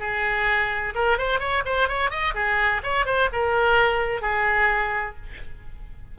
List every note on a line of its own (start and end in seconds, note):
0.00 0.94 G#4
0.95 1.18 A#4
1.18 1.40 C5
1.40 1.64 C#5
1.66 1.89 C5
1.89 2.11 C#5
2.11 2.34 D#5
2.35 2.82 G#4
2.83 3.06 C#5
3.06 3.29 C5
3.33 4.22 A#4
4.22 5.16 G#4